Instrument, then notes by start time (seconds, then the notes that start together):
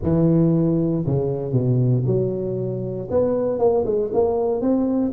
tuba
0.02 E3
1.05 C#3
1.52 B2
2.06 F#3
3.10 B3
3.58 A#3
3.85 G#3
4.13 A#3
4.61 C4